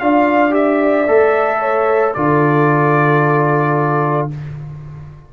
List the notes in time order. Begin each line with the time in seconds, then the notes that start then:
0.00 D4 F4 D5 F5
0.51 G4 E5
1.08 A3 A4
1.60 C#5
2.14 D3 F4 A4 D5